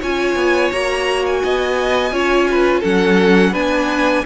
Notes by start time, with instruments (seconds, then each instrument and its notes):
0.00 cello C#4, viola F4, violin C#5 G#5
0.35 cello B3
0.72 cello A#3, viola F#4, violin A#5
1.26 violin G#5
1.43 cello B3, violin D#5
2.12 cello C#4, viola F4, violin C#5
2.51 violin B4
2.80 cello F#3, viola C#4, violin A4 F#5
3.52 cello B3, viola D4, violin B4 G#5